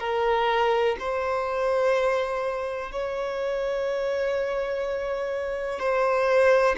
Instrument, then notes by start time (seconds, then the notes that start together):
violin
0.00 A#4
1.00 C5
2.92 C#5
5.79 C5